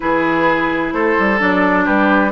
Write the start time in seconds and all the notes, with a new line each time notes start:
0.00 E3 E4 G#4 B4
0.92 A3 A4 C5
1.19 G3
1.38 F#3 D4 D5
1.85 G3 G4 B4